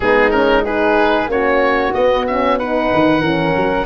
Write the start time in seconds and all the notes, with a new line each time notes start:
0.00 G#3 B3 D#4 G#4
0.30 C#4 A#4
0.64 D#4 G#4 B4
1.27 A#3 C#4 F#4 C#5
1.93 B3 D#5
2.26 C#4 E5
2.58 D#4 B4 F#5
2.93 D#3
3.20 E3 C#4 A#4
3.56 F#3